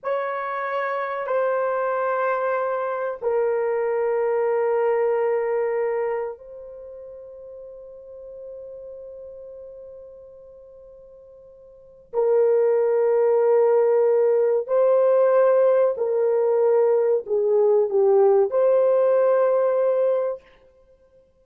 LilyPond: \new Staff \with { instrumentName = "horn" } { \time 4/4 \tempo 4 = 94 cis''2 c''2~ | c''4 ais'2.~ | ais'2 c''2~ | c''1~ |
c''2. ais'4~ | ais'2. c''4~ | c''4 ais'2 gis'4 | g'4 c''2. | }